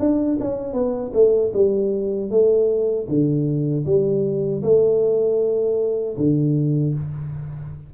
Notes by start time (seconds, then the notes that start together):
0.00 D4
0.41 C#4
0.73 B3
1.14 A3
1.54 G3
2.31 A3
3.09 D3
3.86 G3
4.63 A3
6.17 D3